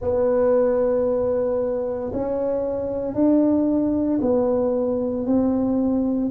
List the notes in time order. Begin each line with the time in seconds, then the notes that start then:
0.01 B3
2.12 C#4
3.14 D4
4.21 B3
5.26 C4